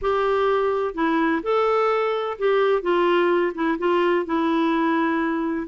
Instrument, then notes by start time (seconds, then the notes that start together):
clarinet
0.01 G4
0.94 E4
1.43 A4
2.38 G4
2.82 F4
3.54 E4
3.78 F4
4.25 E4